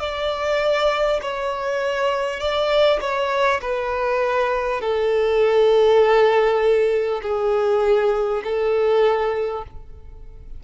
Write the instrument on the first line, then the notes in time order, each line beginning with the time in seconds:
violin
0.00 D5
1.22 C#5
2.40 D5
3.01 C#5
3.62 B4
4.82 A4
7.23 G#4
8.44 A4